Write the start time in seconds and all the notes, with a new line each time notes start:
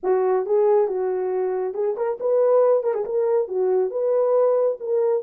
0.03 F#4
0.46 G#4
0.87 F#4
1.74 G#4
1.96 A#4
2.20 B4
2.83 A#4
2.93 G#4
3.05 A#4
3.48 F#4
3.90 B4
4.79 A#4